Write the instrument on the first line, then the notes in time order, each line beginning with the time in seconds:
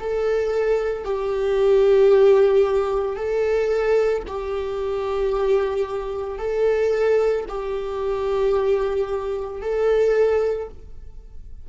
viola
0.00 A4
1.05 G4
3.17 A4
4.28 G4
6.39 A4
7.49 G4
9.62 A4